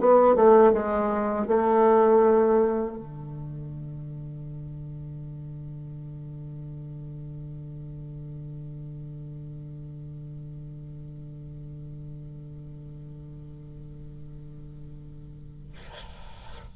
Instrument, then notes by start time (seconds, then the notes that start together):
bassoon
0.00 B3
0.35 A3
0.73 G#3
1.48 A3
2.98 D3